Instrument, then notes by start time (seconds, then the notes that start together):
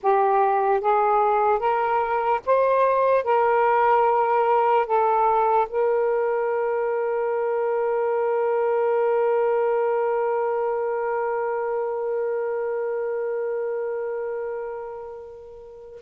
saxophone
0.02 G4
0.80 G#4
1.59 A#4
2.45 C5
3.24 A#4
4.86 A4
5.69 A#4